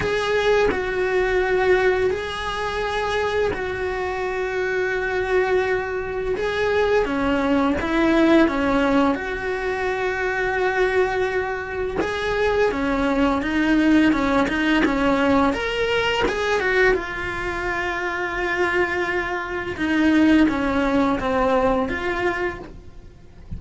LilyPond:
\new Staff \with { instrumentName = "cello" } { \time 4/4 \tempo 4 = 85 gis'4 fis'2 gis'4~ | gis'4 fis'2.~ | fis'4 gis'4 cis'4 e'4 | cis'4 fis'2.~ |
fis'4 gis'4 cis'4 dis'4 | cis'8 dis'8 cis'4 ais'4 gis'8 fis'8 | f'1 | dis'4 cis'4 c'4 f'4 | }